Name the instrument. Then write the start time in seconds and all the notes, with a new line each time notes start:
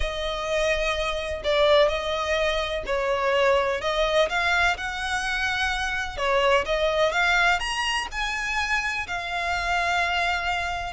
violin
0.00 D#5
1.44 D5
1.88 D#5
2.85 C#5
3.81 D#5
4.29 F5
4.77 F#5
6.17 C#5
6.65 D#5
7.11 F5
7.59 A#5
8.11 G#5
9.07 F5